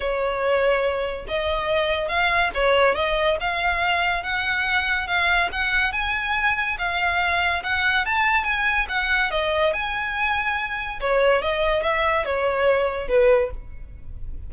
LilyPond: \new Staff \with { instrumentName = "violin" } { \time 4/4 \tempo 4 = 142 cis''2. dis''4~ | dis''4 f''4 cis''4 dis''4 | f''2 fis''2 | f''4 fis''4 gis''2 |
f''2 fis''4 a''4 | gis''4 fis''4 dis''4 gis''4~ | gis''2 cis''4 dis''4 | e''4 cis''2 b'4 | }